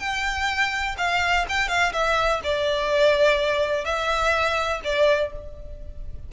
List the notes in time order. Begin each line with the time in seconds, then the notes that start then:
0.00 G5
0.98 F5
1.49 G5
1.69 F5
1.93 E5
2.44 D5
3.85 E5
4.84 D5